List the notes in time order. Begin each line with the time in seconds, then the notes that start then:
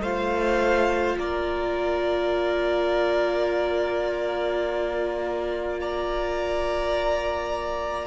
0.00 A3 F4 C5 F5
1.18 A#3 A#4 D5
5.80 D5 A#5